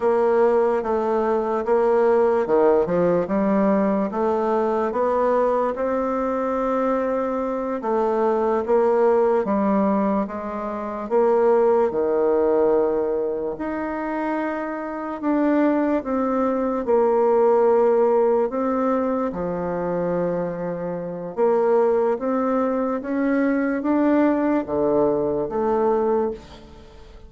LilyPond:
\new Staff \with { instrumentName = "bassoon" } { \time 4/4 \tempo 4 = 73 ais4 a4 ais4 dis8 f8 | g4 a4 b4 c'4~ | c'4. a4 ais4 g8~ | g8 gis4 ais4 dis4.~ |
dis8 dis'2 d'4 c'8~ | c'8 ais2 c'4 f8~ | f2 ais4 c'4 | cis'4 d'4 d4 a4 | }